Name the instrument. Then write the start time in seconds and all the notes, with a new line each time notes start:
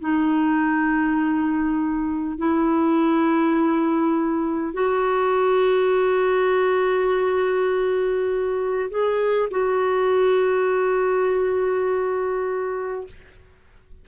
clarinet
0.00 D#4
2.38 E4
4.74 F#4
8.90 G#4
9.50 F#4